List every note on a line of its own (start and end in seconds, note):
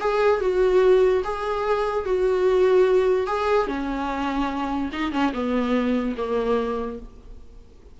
0.00 0.41 G#4
0.41 1.23 F#4
1.24 2.05 G#4
2.05 3.27 F#4
3.27 3.67 G#4
3.67 4.91 C#4
4.93 5.12 D#4
5.12 5.33 C#4
5.33 6.15 B3
6.17 6.99 A#3